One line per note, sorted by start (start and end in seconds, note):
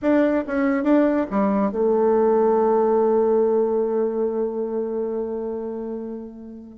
0.02 0.44 D4
0.47 0.83 C#4
0.83 1.25 D4
1.30 1.71 G3
1.71 6.78 A3